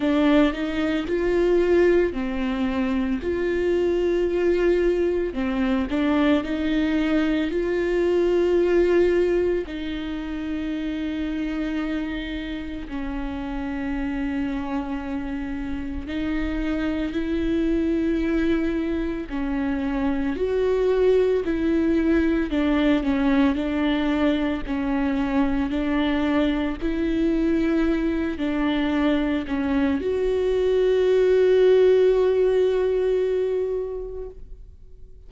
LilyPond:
\new Staff \with { instrumentName = "viola" } { \time 4/4 \tempo 4 = 56 d'8 dis'8 f'4 c'4 f'4~ | f'4 c'8 d'8 dis'4 f'4~ | f'4 dis'2. | cis'2. dis'4 |
e'2 cis'4 fis'4 | e'4 d'8 cis'8 d'4 cis'4 | d'4 e'4. d'4 cis'8 | fis'1 | }